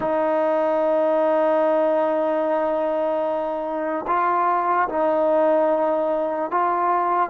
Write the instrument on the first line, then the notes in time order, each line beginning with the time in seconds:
trombone
0.00 D#4
4.07 F4
4.88 D#4
6.50 F4